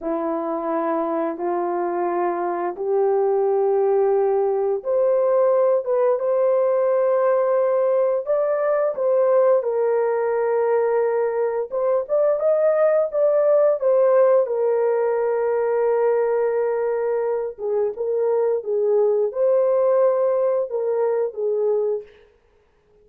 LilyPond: \new Staff \with { instrumentName = "horn" } { \time 4/4 \tempo 4 = 87 e'2 f'2 | g'2. c''4~ | c''8 b'8 c''2. | d''4 c''4 ais'2~ |
ais'4 c''8 d''8 dis''4 d''4 | c''4 ais'2.~ | ais'4. gis'8 ais'4 gis'4 | c''2 ais'4 gis'4 | }